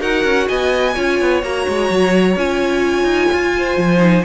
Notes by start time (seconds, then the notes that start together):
0.00 D#4 F#4 A#4 F#5
0.24 C#4
0.48 B3 D#5 G#5
0.94 C#4 F4 C#5
1.20 B3
1.42 A#3 F#4 A#5
1.68 G#3
1.90 F#3
2.36 C#4 F4 G#5
3.03 D#4
3.32 F4
3.58 C5
3.77 F3
3.97 D#4